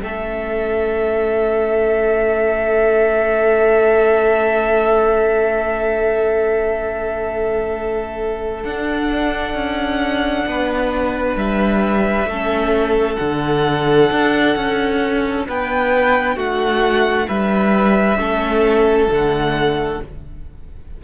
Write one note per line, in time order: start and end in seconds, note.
0.00 8.64 A3
0.00 8.64 C#4
0.00 10.47 A4
0.00 8.63 E5
8.63 9.54 D4
8.63 12.30 D4
8.63 11.36 F#5
9.54 10.45 C#4
10.45 11.35 B3
10.45 12.29 B4
11.35 12.25 G3
11.35 13.15 E5
12.25 13.16 A3
12.25 13.19 C#4
12.25 15.47 A4
13.15 14.11 D3
13.15 18.18 D4
13.15 15.42 F#5
14.11 14.56 D4
14.56 15.47 C#4
15.48 16.36 B3
15.48 16.35 B4
15.48 16.38 G5
16.35 17.27 A3
16.35 17.26 F#4
16.35 17.28 F#5
17.27 18.17 G3
17.27 18.18 B4
17.27 19.10 E5
18.17 19.07 A3
18.17 19.09 C#4
18.17 20.01 A4
19.07 19.98 D3
19.07 20.02 A3
19.07 20.03 F#5